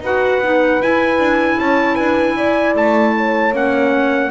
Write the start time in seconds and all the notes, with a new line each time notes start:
0.00 D#4 F#4 B4 F#5
0.38 B3 D#4
0.82 E4 G#5
1.18 D4
1.58 C#4 C#5 A5
1.95 D4 B4 G#5
2.36 E4 D5
2.75 A3 A5
3.17 C#5
3.52 A#3 C#4 F#5